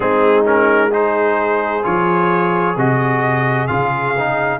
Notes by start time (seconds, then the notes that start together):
0.00 G#3 C4 D#4 G#4
0.44 C#4 A#4
0.89 D#4 G#4 C5
1.82 F3 F4 C#5
2.76 C3 F#4 D#5
3.67 C#3 F4 F5
4.18 D#4